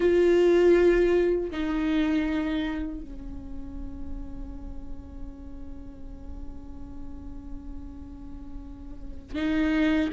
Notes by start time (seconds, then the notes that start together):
0.00 F4
1.50 D#4
3.00 C#4
9.35 D#4